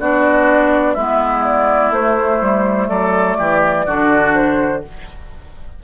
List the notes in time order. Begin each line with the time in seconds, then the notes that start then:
0.00 B3 D4 F#4 D5
0.95 G#3 B3 E4 E5
1.45 D5
1.91 A3 C5
2.41 G3
2.89 F#3 A4 D5
3.39 E3 G4
3.86 D3 D4 F#4
4.34 C5